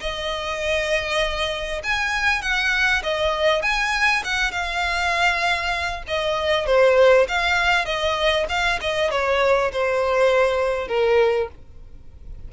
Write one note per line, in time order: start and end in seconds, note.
0.00 1.82 D#5
1.83 2.42 G#5
2.42 3.02 F#5
3.03 3.62 D#5
3.62 4.23 G#5
4.24 4.52 F#5
4.52 6.03 F5
6.07 6.66 D#5
6.66 7.27 C5
7.28 7.85 F5
7.85 8.46 D#5
8.49 8.79 F5
8.81 9.10 D#5
9.10 9.71 C#5
9.72 10.88 C5
10.88 11.48 A#4